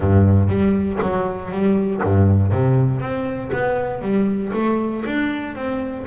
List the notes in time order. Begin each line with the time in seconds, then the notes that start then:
0.00 G2
0.49 G3
1.01 F#3
1.51 G3
2.02 G2
2.52 C3
3.00 C4
3.52 B3
4.01 G3
4.53 A3
5.05 D4
5.55 C4